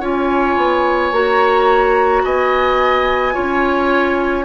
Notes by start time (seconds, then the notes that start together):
0.00 C#4 F4 C#5 G#5
0.56 B3
1.12 A#3 F#4 A#5
2.24 B3 D#5 G#5
3.33 C#4 F4 C#5